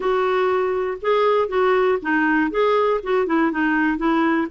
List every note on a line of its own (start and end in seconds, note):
0.00 0.97 F#4
1.01 1.48 G#4
1.48 1.98 F#4
2.02 2.50 D#4
2.50 3.00 G#4
3.03 3.26 F#4
3.26 3.51 E4
3.51 3.97 D#4
3.97 4.47 E4